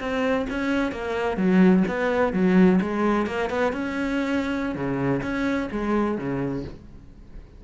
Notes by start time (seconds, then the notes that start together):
0.00 C4
0.49 C#4
0.92 A#3
1.37 F#3
1.88 B3
2.33 F#3
2.81 G#3
3.26 A#3
3.50 B3
3.72 C#4
4.75 C#3
5.22 C#4
5.71 G#3
6.18 C#3